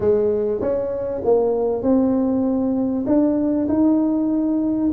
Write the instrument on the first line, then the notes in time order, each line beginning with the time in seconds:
tuba
0.00 G#3
0.60 C#4
1.24 A#3
1.82 C4
3.06 D4
3.68 D#4